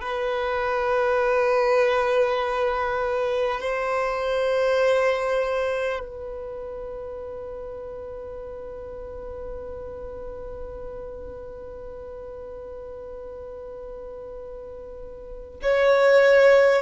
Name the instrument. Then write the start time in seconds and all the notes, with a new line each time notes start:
violin
0.00 B4
3.60 C5
5.99 B4
15.62 C#5